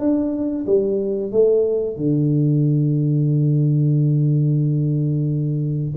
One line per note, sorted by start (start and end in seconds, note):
0.00 0.66 D4
0.67 1.32 G3
1.32 1.97 A3
1.97 5.93 D3